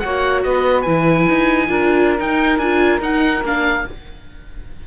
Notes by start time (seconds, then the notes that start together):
0.00 A#3 F#4 C#5 F#5
0.43 B3 B4 D#5
0.82 E3 E4 G#5
1.29 D#4
1.68 D4 F4 A#4
2.18 D#4 G5
2.58 D4 F4 G#5
3.00 D#4 F#5
3.43 A#3 D4 F5